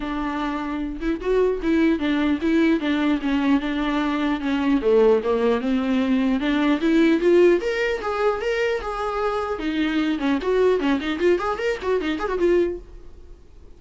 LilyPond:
\new Staff \with { instrumentName = "viola" } { \time 4/4 \tempo 4 = 150 d'2~ d'8 e'8 fis'4 | e'4 d'4 e'4 d'4 | cis'4 d'2 cis'4 | a4 ais4 c'2 |
d'4 e'4 f'4 ais'4 | gis'4 ais'4 gis'2 | dis'4. cis'8 fis'4 cis'8 dis'8 | f'8 gis'8 ais'8 fis'8 dis'8 gis'16 fis'16 f'4 | }